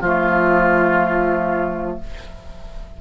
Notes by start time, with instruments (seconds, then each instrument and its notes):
0.00 bassoon F3, clarinet A3, oboe F4, flute F4